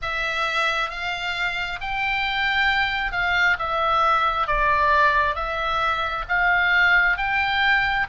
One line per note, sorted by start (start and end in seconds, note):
0.02 0.90 E5
0.90 1.79 F5
1.80 3.11 G5
3.11 3.56 F5
3.59 4.47 E5
4.47 5.35 D5
5.35 6.24 E5
6.28 7.17 F5
7.17 8.06 G5